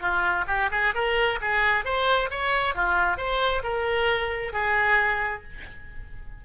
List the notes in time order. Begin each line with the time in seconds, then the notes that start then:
0.00 F4
0.48 G4
0.72 G#4
0.95 A#4
1.41 G#4
1.85 C5
2.30 C#5
2.75 F4
3.17 C5
3.64 A#4
4.53 G#4